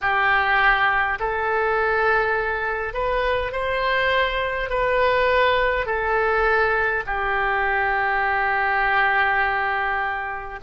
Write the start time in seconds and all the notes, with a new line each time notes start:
0.01 G4
1.19 A4
2.94 B4
3.52 C5
4.69 B4
5.86 A4
7.06 G4